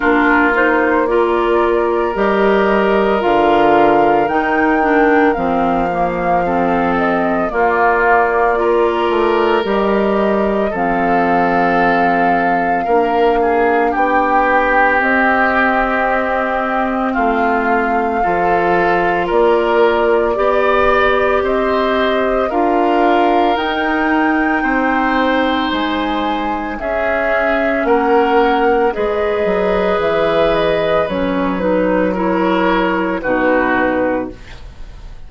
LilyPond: <<
  \new Staff \with { instrumentName = "flute" } { \time 4/4 \tempo 4 = 56 ais'8 c''8 d''4 dis''4 f''4 | g''4 f''4. dis''8 d''4~ | d''4 dis''4 f''2~ | f''4 g''4 dis''2 |
f''2 d''2 | dis''4 f''4 g''2 | gis''4 e''4 fis''4 dis''4 | e''8 dis''8 cis''8 b'8 cis''4 b'4 | }
  \new Staff \with { instrumentName = "oboe" } { \time 4/4 f'4 ais'2.~ | ais'2 a'4 f'4 | ais'2 a'2 | ais'8 gis'8 g'2. |
f'4 a'4 ais'4 d''4 | c''4 ais'2 c''4~ | c''4 gis'4 ais'4 b'4~ | b'2 ais'4 fis'4 | }
  \new Staff \with { instrumentName = "clarinet" } { \time 4/4 d'8 dis'8 f'4 g'4 f'4 | dis'8 d'8 c'8 ais8 c'4 ais4 | f'4 g'4 c'2 | d'2 c'2~ |
c'4 f'2 g'4~ | g'4 f'4 dis'2~ | dis'4 cis'2 gis'4~ | gis'4 cis'8 dis'8 e'4 dis'4 | }
  \new Staff \with { instrumentName = "bassoon" } { \time 4/4 ais2 g4 d4 | dis4 f2 ais4~ | ais8 a8 g4 f2 | ais4 b4 c'2 |
a4 f4 ais4 b4 | c'4 d'4 dis'4 c'4 | gis4 cis'4 ais4 gis8 fis8 | e4 fis2 b,4 | }
>>